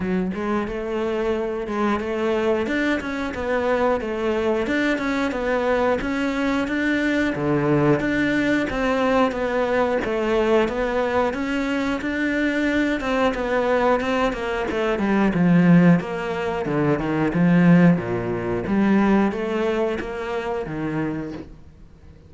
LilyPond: \new Staff \with { instrumentName = "cello" } { \time 4/4 \tempo 4 = 90 fis8 gis8 a4. gis8 a4 | d'8 cis'8 b4 a4 d'8 cis'8 | b4 cis'4 d'4 d4 | d'4 c'4 b4 a4 |
b4 cis'4 d'4. c'8 | b4 c'8 ais8 a8 g8 f4 | ais4 d8 dis8 f4 ais,4 | g4 a4 ais4 dis4 | }